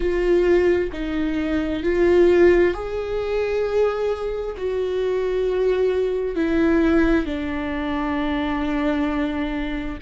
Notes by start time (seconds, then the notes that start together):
0.00 F4
0.92 D#4
1.83 F4
2.74 G#4
4.57 F#4
6.35 E4
7.25 D4